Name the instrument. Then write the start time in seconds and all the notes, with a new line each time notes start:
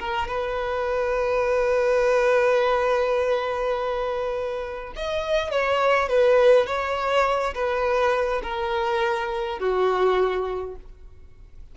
violin
0.00 A#4
0.28 B4
4.96 D#5
5.51 C#5
6.09 B4
6.67 C#5
7.55 B4
8.43 A#4
9.60 F#4